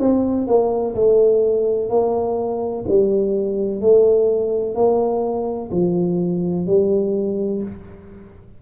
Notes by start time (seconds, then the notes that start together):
0.00 C4
0.48 A#3
0.96 A3
1.90 A#3
2.89 G3
3.81 A3
4.76 A#3
5.72 F3
6.67 G3